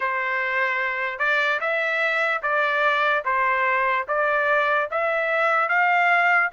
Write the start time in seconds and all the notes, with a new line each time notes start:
0.00 C5
1.19 D5
1.60 E5
2.42 D5
3.24 C5
4.08 D5
4.91 E5
5.68 F5